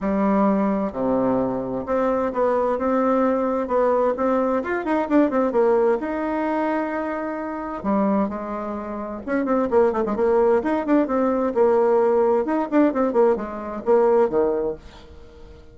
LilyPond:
\new Staff \with { instrumentName = "bassoon" } { \time 4/4 \tempo 4 = 130 g2 c2 | c'4 b4 c'2 | b4 c'4 f'8 dis'8 d'8 c'8 | ais4 dis'2.~ |
dis'4 g4 gis2 | cis'8 c'8 ais8 a16 gis16 ais4 dis'8 d'8 | c'4 ais2 dis'8 d'8 | c'8 ais8 gis4 ais4 dis4 | }